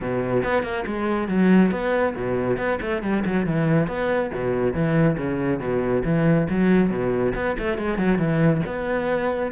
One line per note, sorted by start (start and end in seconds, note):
0.00 0.43 B2
0.43 0.62 B3
0.62 0.84 A#3
0.86 1.28 G#3
1.28 1.71 F#3
1.71 2.14 B3
2.15 2.57 B2
2.57 2.79 B3
2.81 3.02 A3
3.02 3.24 G3
3.25 3.46 F#3
3.46 3.87 E3
3.87 4.30 B3
4.34 4.73 B2
4.73 5.16 E3
5.17 5.59 C#3
5.59 6.03 B2
6.04 6.47 E3
6.49 6.90 F#3
6.90 7.33 B2
7.35 7.56 B3
7.58 7.77 A3
7.77 7.98 G#3
7.98 8.18 F#3
8.18 8.61 E3
8.65 9.52 B3